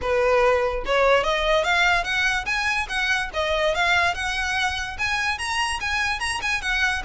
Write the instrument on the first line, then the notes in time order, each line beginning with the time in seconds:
violin
0.01 B4
0.85 C#5
1.23 D#5
1.63 F5
2.04 F#5
2.45 G#5
2.88 F#5
3.33 D#5
3.74 F5
4.14 F#5
4.98 G#5
5.38 A#5
5.80 G#5
6.19 A#5
6.42 G#5
6.61 F#5